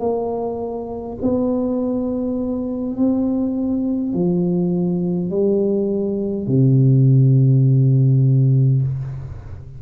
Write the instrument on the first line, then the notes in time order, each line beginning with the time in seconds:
tuba
0.00 A#3
1.22 B3
2.96 C4
4.14 F3
5.30 G3
6.47 C3